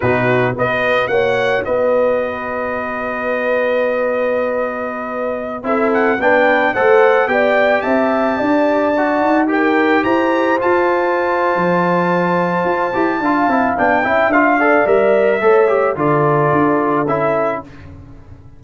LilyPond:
<<
  \new Staff \with { instrumentName = "trumpet" } { \time 4/4 \tempo 4 = 109 b'4 dis''4 fis''4 dis''4~ | dis''1~ | dis''2~ dis''16 e''8 fis''8 g''8.~ | g''16 fis''4 g''4 a''4.~ a''16~ |
a''4~ a''16 g''4 ais''4 a''8.~ | a''1~ | a''4 g''4 f''4 e''4~ | e''4 d''2 e''4 | }
  \new Staff \with { instrumentName = "horn" } { \time 4/4 fis'4 b'4 cis''4 b'4~ | b'1~ | b'2~ b'16 a'4 b'8.~ | b'16 c''4 d''4 e''4 d''8.~ |
d''4~ d''16 ais'4 c''4.~ c''16~ | c''1 | f''4. e''4 d''4. | cis''4 a'2. | }
  \new Staff \with { instrumentName = "trombone" } { \time 4/4 dis'4 fis'2.~ | fis'1~ | fis'2~ fis'16 e'4 d'8.~ | d'16 a'4 g'2~ g'8.~ |
g'16 fis'4 g'2 f'8.~ | f'2.~ f'8 g'8 | f'8 e'8 d'8 e'8 f'8 a'8 ais'4 | a'8 g'8 f'2 e'4 | }
  \new Staff \with { instrumentName = "tuba" } { \time 4/4 b,4 b4 ais4 b4~ | b1~ | b2~ b16 c'4 b8.~ | b16 a4 b4 c'4 d'8.~ |
d'8. dis'4. e'4 f'8.~ | f'4 f2 f'8 e'8 | d'8 c'8 b8 cis'8 d'4 g4 | a4 d4 d'4 cis'4 | }
>>